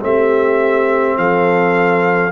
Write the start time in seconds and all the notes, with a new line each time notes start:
0.00 A3 C4 G4 E5
1.17 F3 A4 F5